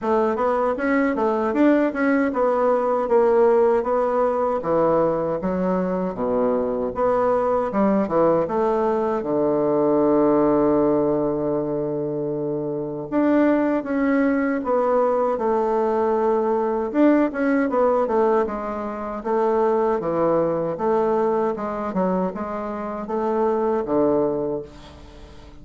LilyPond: \new Staff \with { instrumentName = "bassoon" } { \time 4/4 \tempo 4 = 78 a8 b8 cis'8 a8 d'8 cis'8 b4 | ais4 b4 e4 fis4 | b,4 b4 g8 e8 a4 | d1~ |
d4 d'4 cis'4 b4 | a2 d'8 cis'8 b8 a8 | gis4 a4 e4 a4 | gis8 fis8 gis4 a4 d4 | }